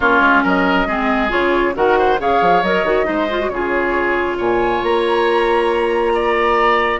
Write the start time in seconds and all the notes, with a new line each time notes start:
0.00 A#3 C#4 F4 C#5
0.20 G#3
0.43 F#3 A#4 D#5
0.86 G#3 C4 G#4
1.29 C#3 F4 C#5
1.74 D#3 F#4 A#4 F#5
1.98 C5
2.19 C#3 G#4 C#5 F5
2.41 F3
2.62 F#3 A#4 D#5
2.83 D#3 F#4
3.04 G#3 D#4 C5
3.29 F4
3.40 F#4
3.49 C#3 F4 G#4 C#5
4.37 A#2 C#5 G#5
4.82 A#3 A#5
6.14 D5